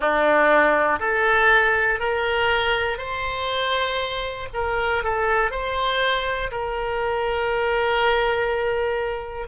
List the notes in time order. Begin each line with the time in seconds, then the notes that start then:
0.00 D4
0.99 A4
1.99 A#4
2.98 C5
4.53 A#4
5.03 A4
5.50 C5
6.51 A#4